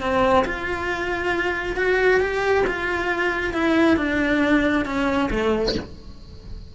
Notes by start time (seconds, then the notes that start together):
0.00 C4
0.44 F4
1.76 F#4
2.20 G4
2.66 F4
3.53 E4
3.96 D4
4.85 C#4
5.30 A3